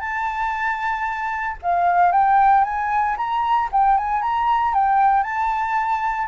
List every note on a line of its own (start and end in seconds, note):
0.00 1.57 A5
1.62 2.12 F5
2.12 2.64 G5
2.64 3.16 G#5
3.17 3.69 A#5
3.72 3.98 G5
3.98 4.22 G#5
4.22 4.74 A#5
4.74 5.23 G5
5.23 6.28 A5